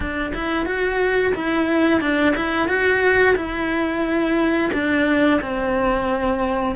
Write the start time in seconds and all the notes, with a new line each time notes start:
0.00 D4
0.34 E4
0.65 F#4
1.35 E4
2.00 D4
2.36 E4
2.68 F#4
3.36 E4
4.73 D4
5.41 C4